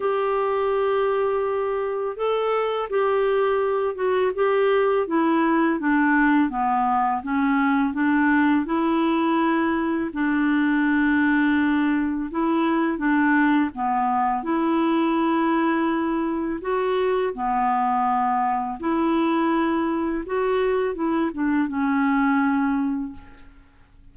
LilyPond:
\new Staff \with { instrumentName = "clarinet" } { \time 4/4 \tempo 4 = 83 g'2. a'4 | g'4. fis'8 g'4 e'4 | d'4 b4 cis'4 d'4 | e'2 d'2~ |
d'4 e'4 d'4 b4 | e'2. fis'4 | b2 e'2 | fis'4 e'8 d'8 cis'2 | }